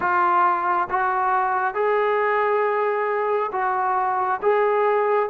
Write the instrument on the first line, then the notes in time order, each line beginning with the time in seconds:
trombone
0.00 F4
0.90 F#4
1.74 G#4
3.52 F#4
4.42 G#4